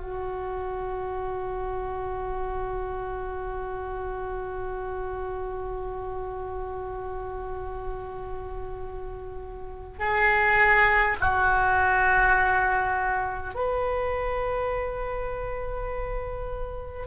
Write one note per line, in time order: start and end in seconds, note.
0.00 9.99 F#4
9.99 11.17 G#4
11.20 13.55 F#4
13.55 17.07 B4